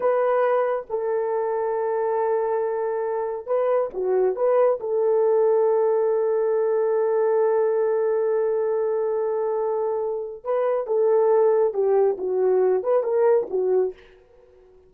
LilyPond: \new Staff \with { instrumentName = "horn" } { \time 4/4 \tempo 4 = 138 b'2 a'2~ | a'1 | b'4 fis'4 b'4 a'4~ | a'1~ |
a'1~ | a'1 | b'4 a'2 g'4 | fis'4. b'8 ais'4 fis'4 | }